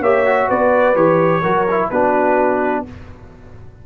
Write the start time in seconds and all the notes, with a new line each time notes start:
0.00 A#3 G4 C#5 E5
0.26 F#4
0.48 B3 B4 D5
0.95 E3 G4 C#5
1.42 F#3 F#4 A#4
1.70 E4
1.89 B3 D4 F#4 B4